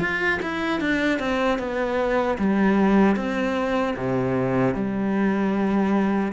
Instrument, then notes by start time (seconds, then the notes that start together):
cello
0.00 F4
0.42 E4
0.80 D4
1.19 C4
1.59 B3
2.38 G3
3.16 C4
3.97 C3
4.74 G3